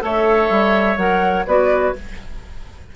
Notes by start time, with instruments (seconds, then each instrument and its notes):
0.00 bassoon A3, clarinet A4, oboe C#5, flute E5
0.49 bassoon G3
0.97 bassoon F#3, clarinet A#4, flute F#5
1.47 bassoon B3, clarinet F#4, oboe B4, flute D5